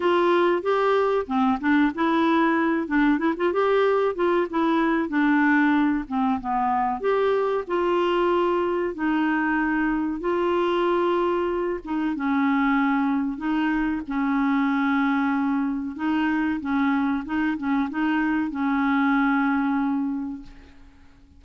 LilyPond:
\new Staff \with { instrumentName = "clarinet" } { \time 4/4 \tempo 4 = 94 f'4 g'4 c'8 d'8 e'4~ | e'8 d'8 e'16 f'16 g'4 f'8 e'4 | d'4. c'8 b4 g'4 | f'2 dis'2 |
f'2~ f'8 dis'8 cis'4~ | cis'4 dis'4 cis'2~ | cis'4 dis'4 cis'4 dis'8 cis'8 | dis'4 cis'2. | }